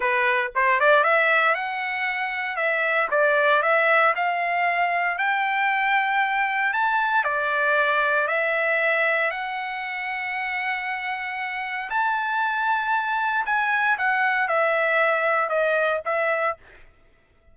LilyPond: \new Staff \with { instrumentName = "trumpet" } { \time 4/4 \tempo 4 = 116 b'4 c''8 d''8 e''4 fis''4~ | fis''4 e''4 d''4 e''4 | f''2 g''2~ | g''4 a''4 d''2 |
e''2 fis''2~ | fis''2. a''4~ | a''2 gis''4 fis''4 | e''2 dis''4 e''4 | }